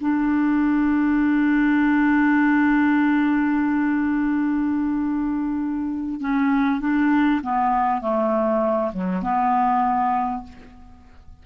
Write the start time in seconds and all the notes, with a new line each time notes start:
0.00 D4
6.20 C#4
6.80 D4
7.42 B3
8.01 A3
8.93 F#3
9.22 B3